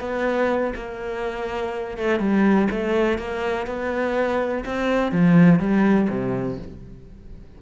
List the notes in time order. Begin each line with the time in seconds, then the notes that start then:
0.00 B3
0.75 A#3
1.97 A3
2.19 G3
2.71 A3
3.18 A#3
3.66 B3
4.65 C4
5.12 F3
5.59 G3
6.09 C3